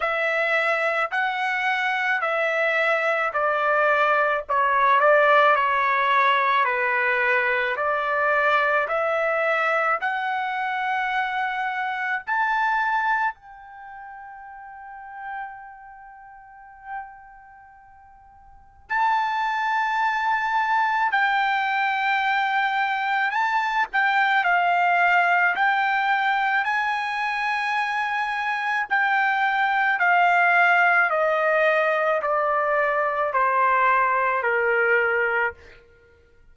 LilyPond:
\new Staff \with { instrumentName = "trumpet" } { \time 4/4 \tempo 4 = 54 e''4 fis''4 e''4 d''4 | cis''8 d''8 cis''4 b'4 d''4 | e''4 fis''2 a''4 | g''1~ |
g''4 a''2 g''4~ | g''4 a''8 g''8 f''4 g''4 | gis''2 g''4 f''4 | dis''4 d''4 c''4 ais'4 | }